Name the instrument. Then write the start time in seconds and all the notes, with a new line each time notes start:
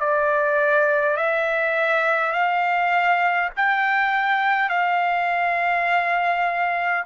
trumpet
0.00 D5
1.17 E5
2.32 F5
3.57 G5
4.69 F5